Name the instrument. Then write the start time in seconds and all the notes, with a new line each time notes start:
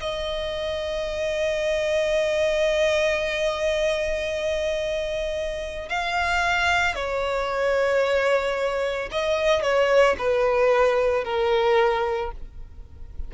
violin
0.00 D#5
5.89 F5
6.94 C#5
9.11 D#5
9.62 C#5
10.18 B4
11.24 A#4